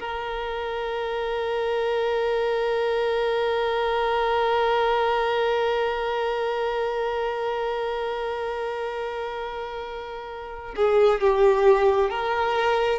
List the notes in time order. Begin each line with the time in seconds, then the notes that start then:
0.00 A#4
10.76 G#4
11.21 G4
12.10 A#4